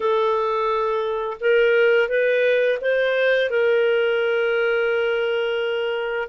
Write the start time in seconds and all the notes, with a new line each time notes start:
0.00 A4
1.40 A#4
2.08 B4
2.81 C5
3.49 A#4